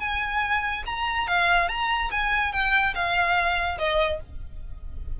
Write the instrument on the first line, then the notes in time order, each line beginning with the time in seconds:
violin
0.00 G#5
0.86 A#5
1.28 F5
1.69 A#5
2.11 G#5
2.53 G5
2.95 F5
3.78 D#5